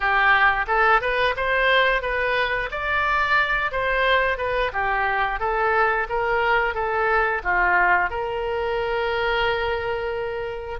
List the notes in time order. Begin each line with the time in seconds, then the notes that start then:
0.00 G4
0.67 A4
1.01 B4
1.36 C5
2.02 B4
2.71 D5
3.71 C5
4.37 B4
4.73 G4
5.39 A4
6.09 A#4
6.74 A4
7.43 F4
8.10 A#4